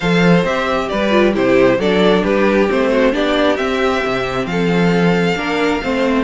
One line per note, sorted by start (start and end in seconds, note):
0.00 0.43 F3
0.00 0.46 A4
0.00 0.87 C5
0.00 0.44 F5
0.43 0.88 C4
0.43 1.10 G4
0.43 0.88 E5
0.88 1.36 G3
0.88 1.33 B4
0.88 1.33 D5
1.10 1.33 F4
1.33 1.78 C3
1.33 1.78 E4
1.33 1.78 G4
1.33 1.80 C5
1.78 2.22 F#3
1.78 2.68 D4
1.78 2.23 A4
1.78 2.24 D5
2.23 2.69 G3
2.23 2.90 G4
2.23 2.68 B4
2.68 3.14 A3
2.68 3.12 C4
2.68 3.14 C5
2.90 3.13 F#4
3.12 3.58 B3
3.12 3.56 D4
3.12 4.48 G4
3.12 3.56 D5
3.56 5.35 C4
3.56 4.03 C4
3.56 4.46 E5
4.05 4.45 C3
4.45 5.35 F3
4.45 5.38 A4
4.45 6.24 F5
5.36 5.81 A#3
5.36 5.80 D4
5.36 5.83 A#4
5.83 6.24 A3
5.83 6.24 C4
5.83 6.24 C5